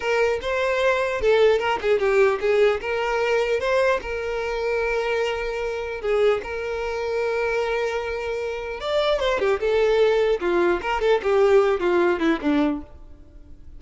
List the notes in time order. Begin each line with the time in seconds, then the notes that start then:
0.00 A#4
0.41 C5
1.21 A4
1.59 A#4
1.81 G#4
1.99 G4
2.40 G#4
2.80 A#4
3.59 C5
4.01 A#4
6.01 G#4
6.43 A#4
8.80 D5
9.20 C5
9.39 G4
9.60 A4
10.40 F4
10.81 A#4
11.01 A4
11.23 G4
11.80 F4
12.19 E4
12.41 D4